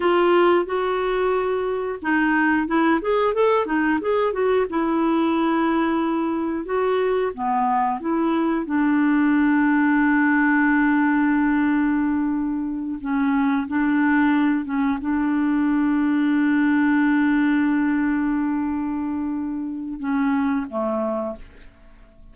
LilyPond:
\new Staff \with { instrumentName = "clarinet" } { \time 4/4 \tempo 4 = 90 f'4 fis'2 dis'4 | e'8 gis'8 a'8 dis'8 gis'8 fis'8 e'4~ | e'2 fis'4 b4 | e'4 d'2.~ |
d'2.~ d'8 cis'8~ | cis'8 d'4. cis'8 d'4.~ | d'1~ | d'2 cis'4 a4 | }